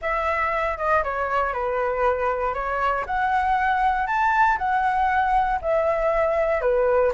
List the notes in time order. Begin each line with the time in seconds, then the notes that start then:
0.01 E5
0.77 D#5
1.03 C#5
1.53 B4
2.54 C#5
3.06 F#5
4.06 A5
4.57 F#5
5.61 E5
6.61 B4